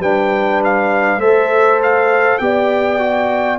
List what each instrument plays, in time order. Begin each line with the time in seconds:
0.00 tuba G3, trombone D4, horn B4, trumpet G5
0.64 trumpet F5
1.18 tuba A3, trombone A4, horn C5, trumpet E5
1.82 trumpet F5
2.38 tuba B3, trombone G4, horn D5, trumpet G5
2.99 trombone F#4